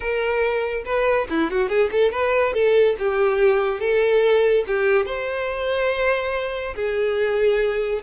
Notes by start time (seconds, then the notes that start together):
0.00 A#4
0.85 B4
1.29 E4
1.50 F#4
1.68 G#4
1.91 A4
2.11 B4
2.53 A4
2.98 G4
3.80 A4
4.67 G4
5.05 C5
6.75 G#4